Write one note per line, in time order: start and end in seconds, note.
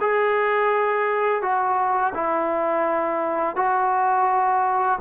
0.00 1.42 G#4
1.42 2.13 F#4
2.14 3.56 E4
3.56 4.99 F#4